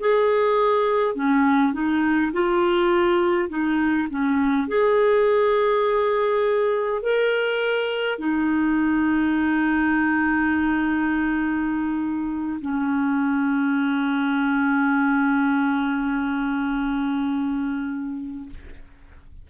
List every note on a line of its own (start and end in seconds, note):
0.00 1.15 G#4
1.15 1.73 C#4
1.73 2.32 D#4
2.33 3.49 F4
3.49 4.08 D#4
4.10 4.68 C#4
4.68 7.03 G#4
7.03 8.19 A#4
8.19 12.60 D#4
12.61 18.50 C#4